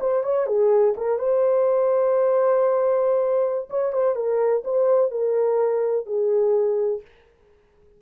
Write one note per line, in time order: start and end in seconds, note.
0.00 0.23 C5
0.23 0.47 C#5
0.47 0.94 G#4
0.97 1.19 A#4
1.19 3.69 C5
3.70 3.93 C#5
3.93 4.15 C5
4.15 4.63 A#4
4.64 5.11 C5
5.11 6.06 A#4
6.06 7.02 G#4